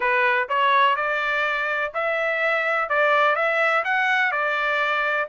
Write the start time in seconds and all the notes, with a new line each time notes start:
0.00 B4
0.48 C#5
0.96 D5
1.94 E5
2.89 D5
3.35 E5
3.84 F#5
4.31 D5